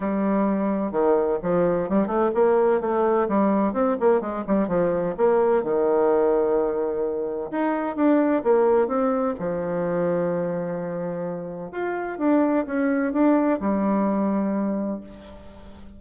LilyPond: \new Staff \with { instrumentName = "bassoon" } { \time 4/4 \tempo 4 = 128 g2 dis4 f4 | g8 a8 ais4 a4 g4 | c'8 ais8 gis8 g8 f4 ais4 | dis1 |
dis'4 d'4 ais4 c'4 | f1~ | f4 f'4 d'4 cis'4 | d'4 g2. | }